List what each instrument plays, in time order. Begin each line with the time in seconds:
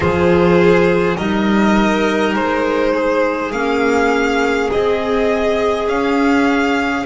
0.00 double bass F3, clarinet F4, violin G#4 C5
1.16 double bass G3, clarinet D#4, violin A#4 D#5
2.34 double bass G#3, violin C5
2.93 violin G#4
3.52 double bass A#3, clarinet C#4, violin F5
4.71 double bass C4, clarinet G#4, violin D#5
5.87 double bass C#4, violin F5